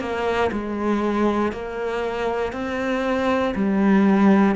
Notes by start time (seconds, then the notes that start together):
0.00 A#3
0.52 G#3
1.53 A#3
2.53 C4
3.55 G3